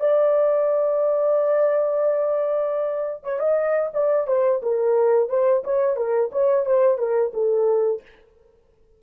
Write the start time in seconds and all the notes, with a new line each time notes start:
0.00 D5
3.23 C#5
3.39 D#5
3.94 D5
4.27 C5
4.62 A#4
5.29 C5
5.64 C#5
5.96 A#4
6.32 C#5
6.65 C5
6.98 A#4
7.34 A4